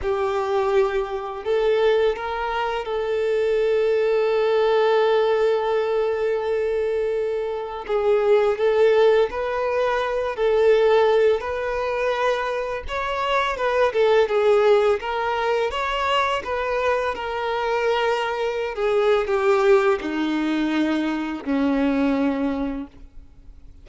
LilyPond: \new Staff \with { instrumentName = "violin" } { \time 4/4 \tempo 4 = 84 g'2 a'4 ais'4 | a'1~ | a'2. gis'4 | a'4 b'4. a'4. |
b'2 cis''4 b'8 a'8 | gis'4 ais'4 cis''4 b'4 | ais'2~ ais'16 gis'8. g'4 | dis'2 cis'2 | }